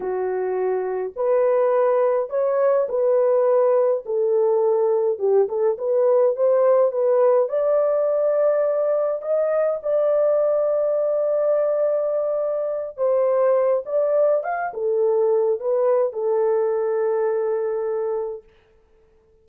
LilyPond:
\new Staff \with { instrumentName = "horn" } { \time 4/4 \tempo 4 = 104 fis'2 b'2 | cis''4 b'2 a'4~ | a'4 g'8 a'8 b'4 c''4 | b'4 d''2. |
dis''4 d''2.~ | d''2~ d''8 c''4. | d''4 f''8 a'4. b'4 | a'1 | }